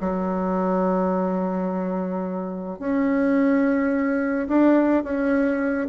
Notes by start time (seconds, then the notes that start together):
0.00 F#3
2.79 C#4
4.48 D4
5.03 C#4